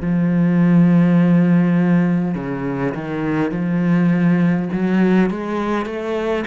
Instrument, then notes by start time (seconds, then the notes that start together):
cello
0.00 F3
2.34 C#3
2.94 D#3
3.50 F3
4.72 F#3
5.29 G#3
5.85 A3